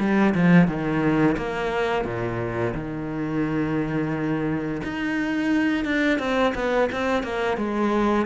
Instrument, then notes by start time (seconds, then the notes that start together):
cello
0.00 G3
0.35 F3
0.68 D#3
1.38 A#3
2.05 A#2
2.75 D#3
4.84 D#4
5.86 D4
6.19 C4
6.55 B3
6.92 C4
7.24 A#3
7.58 G#3